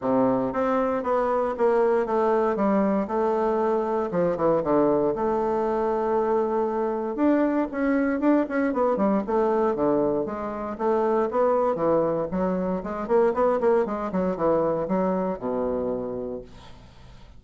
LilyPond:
\new Staff \with { instrumentName = "bassoon" } { \time 4/4 \tempo 4 = 117 c4 c'4 b4 ais4 | a4 g4 a2 | f8 e8 d4 a2~ | a2 d'4 cis'4 |
d'8 cis'8 b8 g8 a4 d4 | gis4 a4 b4 e4 | fis4 gis8 ais8 b8 ais8 gis8 fis8 | e4 fis4 b,2 | }